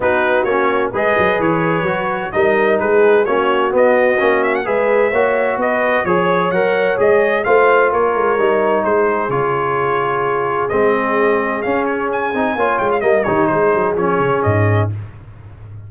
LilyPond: <<
  \new Staff \with { instrumentName = "trumpet" } { \time 4/4 \tempo 4 = 129 b'4 cis''4 dis''4 cis''4~ | cis''4 dis''4 b'4 cis''4 | dis''4. e''16 fis''16 e''2 | dis''4 cis''4 fis''4 dis''4 |
f''4 cis''2 c''4 | cis''2. dis''4~ | dis''4 f''8 cis''8 gis''4. g''16 f''16 | dis''8 cis''8 c''4 cis''4 dis''4 | }
  \new Staff \with { instrumentName = "horn" } { \time 4/4 fis'2 b'2~ | b'4 ais'4 gis'4 fis'4~ | fis'2 b'4 cis''4 | b'4 cis''2. |
c''4 ais'2 gis'4~ | gis'1~ | gis'2. cis''4 | dis''8 g'8 gis'2. | }
  \new Staff \with { instrumentName = "trombone" } { \time 4/4 dis'4 cis'4 gis'2 | fis'4 dis'2 cis'4 | b4 cis'4 gis'4 fis'4~ | fis'4 gis'4 ais'4 gis'4 |
f'2 dis'2 | f'2. c'4~ | c'4 cis'4. dis'8 f'4 | ais8 dis'4. cis'2 | }
  \new Staff \with { instrumentName = "tuba" } { \time 4/4 b4 ais4 gis8 fis8 e4 | fis4 g4 gis4 ais4 | b4 ais4 gis4 ais4 | b4 f4 fis4 gis4 |
a4 ais8 gis8 g4 gis4 | cis2. gis4~ | gis4 cis'4. c'8 ais8 gis8 | g8 dis8 gis8 fis8 f8 cis8 gis,4 | }
>>